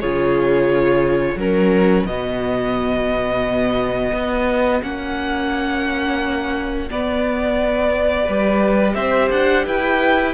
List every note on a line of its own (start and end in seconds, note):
0.00 1.35 C#3
0.00 1.39 F4
0.00 1.37 G#4
0.00 1.38 C#5
1.35 2.04 F#3
1.35 2.08 C#4
1.35 8.25 F#4
1.35 2.07 A#4
2.06 4.13 B2
2.06 4.82 B3
2.06 4.82 D#5
4.13 4.82 B3
4.82 6.90 A#3
4.82 6.89 C#4
4.82 6.90 F#5
6.90 8.28 B3
6.90 8.95 D5
8.25 8.95 G3
8.25 10.34 G4
8.25 8.94 B4
8.95 9.30 C4
8.95 9.65 C5
8.95 9.29 E5
9.31 9.66 D4
9.31 9.66 F#5
9.66 10.34 E4
9.66 10.34 B4
9.66 10.34 G5